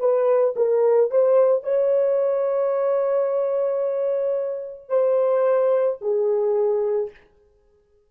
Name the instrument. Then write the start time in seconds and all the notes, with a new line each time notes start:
horn
0.00 B4
0.57 A#4
1.11 C5
1.64 C#5
4.89 C5
6.01 G#4